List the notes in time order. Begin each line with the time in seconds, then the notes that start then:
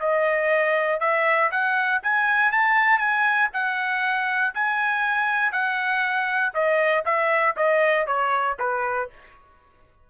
0.00 D#5
1.00 E5
1.52 F#5
2.03 G#5
2.52 A5
2.99 G#5
3.53 F#5
4.55 G#5
5.52 F#5
6.54 D#5
7.05 E5
7.57 D#5
8.07 C#5
8.59 B4